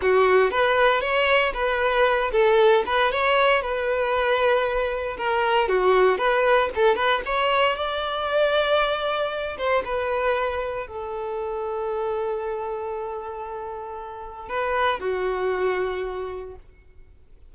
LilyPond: \new Staff \with { instrumentName = "violin" } { \time 4/4 \tempo 4 = 116 fis'4 b'4 cis''4 b'4~ | b'8 a'4 b'8 cis''4 b'4~ | b'2 ais'4 fis'4 | b'4 a'8 b'8 cis''4 d''4~ |
d''2~ d''8 c''8 b'4~ | b'4 a'2.~ | a'1 | b'4 fis'2. | }